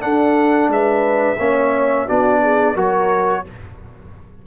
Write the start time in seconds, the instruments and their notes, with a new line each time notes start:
0.00 trombone D4, tuba D4, horn A4, trumpet F#5
0.68 tuba G#3, horn B4, trumpet E5
1.38 tuba A#3, trombone C#4, horn C#5
2.06 tuba B3, trombone D4, horn F#4, trumpet D5
2.42 horn G#4
2.75 tuba F#3, trombone F#4, horn A#4, trumpet C#5